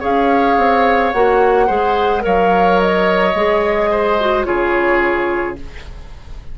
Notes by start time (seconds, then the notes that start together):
0.00 C#4 G#4 C#5 F5
0.58 C4
1.12 A#3 F#4 F#5
1.67 G#3 G#4 C5
2.20 F#3 A#4 C#5 F5
2.80 D#5
3.35 G#3 G#4
3.91 C5
4.20 F#4
4.44 C#3 F4 G#4 C#5